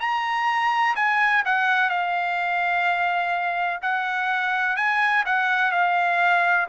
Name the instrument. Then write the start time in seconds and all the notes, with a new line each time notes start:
trumpet
0.00 A#5
0.96 G#5
1.45 F#5
1.90 F5
3.82 F#5
4.76 G#5
5.26 F#5
5.71 F5